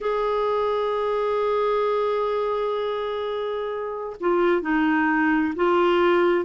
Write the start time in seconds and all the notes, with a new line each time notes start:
0.00 G#4
4.20 F4
4.61 D#4
5.56 F4